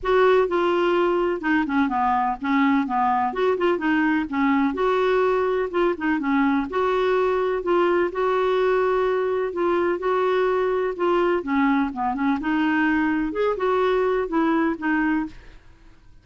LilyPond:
\new Staff \with { instrumentName = "clarinet" } { \time 4/4 \tempo 4 = 126 fis'4 f'2 dis'8 cis'8 | b4 cis'4 b4 fis'8 f'8 | dis'4 cis'4 fis'2 | f'8 dis'8 cis'4 fis'2 |
f'4 fis'2. | f'4 fis'2 f'4 | cis'4 b8 cis'8 dis'2 | gis'8 fis'4. e'4 dis'4 | }